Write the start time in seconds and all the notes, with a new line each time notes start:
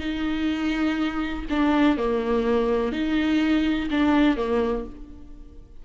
0.00 D#4
1.50 D4
1.97 A#3
2.92 D#4
3.91 D4
4.37 A#3